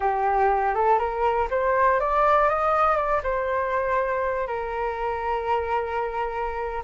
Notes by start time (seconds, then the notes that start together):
0.00 G4
0.74 A4
0.98 A#4
1.50 C5
2.00 D5
2.49 D#5
2.96 D5
3.23 C5
4.47 A#4